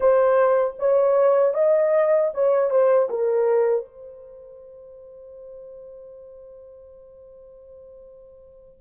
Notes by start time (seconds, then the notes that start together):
0.00 C5
0.78 C#5
1.54 D#5
2.34 C#5
2.70 C5
3.09 A#4
3.85 C5